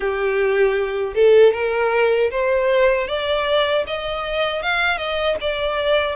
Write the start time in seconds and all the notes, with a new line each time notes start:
0.00 G4
1.14 A4
1.53 A#4
2.30 C5
3.07 D5
3.86 D#5
4.62 F5
4.97 D#5
5.40 D5